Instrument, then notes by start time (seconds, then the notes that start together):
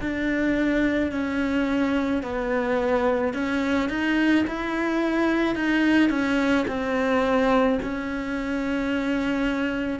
cello
0.00 D4
1.11 C#4
2.22 B3
3.33 C#4
3.89 D#4
4.47 E4
5.55 D#4
6.09 C#4
6.67 C4
7.82 C#4